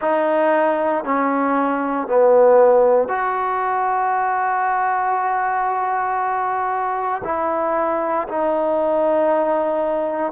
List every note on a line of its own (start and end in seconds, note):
0.00 1.04 D#4
1.04 2.07 C#4
2.07 3.08 B3
3.08 7.22 F#4
7.24 8.27 E4
8.28 10.32 D#4